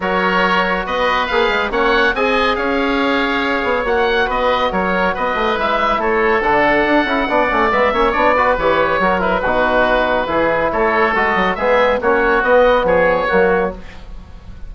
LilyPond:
<<
  \new Staff \with { instrumentName = "oboe" } { \time 4/4 \tempo 4 = 140 cis''2 dis''4 f''4 | fis''4 gis''4 f''2~ | f''4 fis''4 dis''4 cis''4 | dis''4 e''4 cis''4 fis''4~ |
fis''2 e''4 d''4 | cis''4. b'2~ b'8~ | b'4 cis''4 dis''4 e''4 | cis''4 dis''4 cis''2 | }
  \new Staff \with { instrumentName = "oboe" } { \time 4/4 ais'2 b'2 | cis''4 dis''4 cis''2~ | cis''2 b'4 ais'4 | b'2 a'2~ |
a'4 d''4. cis''4 b'8~ | b'4 ais'4 fis'2 | gis'4 a'2 gis'4 | fis'2 gis'4 fis'4 | }
  \new Staff \with { instrumentName = "trombone" } { \time 4/4 fis'2. gis'4 | cis'4 gis'2.~ | gis'4 fis'2.~ | fis'4 e'2 d'4~ |
d'8 e'8 d'8 cis'8 b8 cis'8 d'8 fis'8 | g'4 fis'8 e'8 dis'2 | e'2 fis'4 b4 | cis'4 b2 ais4 | }
  \new Staff \with { instrumentName = "bassoon" } { \time 4/4 fis2 b4 ais8 gis8 | ais4 c'4 cis'2~ | cis'8 b8 ais4 b4 fis4 | b8 a8 gis4 a4 d4 |
d'8 cis'8 b8 a8 gis8 ais8 b4 | e4 fis4 b,2 | e4 a4 gis8 fis8 gis4 | ais4 b4 f4 fis4 | }
>>